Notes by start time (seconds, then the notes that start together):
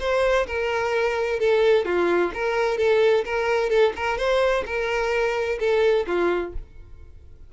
0.00 C5
0.47 A#4
1.40 A4
1.85 F4
2.34 A#4
2.78 A4
3.25 A#4
3.70 A4
3.96 A#4
4.18 C5
4.66 A#4
5.60 A4
6.07 F4